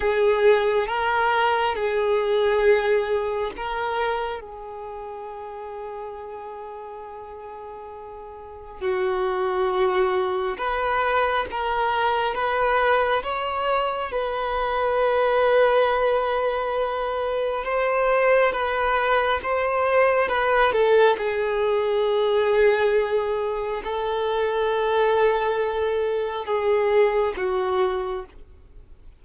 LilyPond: \new Staff \with { instrumentName = "violin" } { \time 4/4 \tempo 4 = 68 gis'4 ais'4 gis'2 | ais'4 gis'2.~ | gis'2 fis'2 | b'4 ais'4 b'4 cis''4 |
b'1 | c''4 b'4 c''4 b'8 a'8 | gis'2. a'4~ | a'2 gis'4 fis'4 | }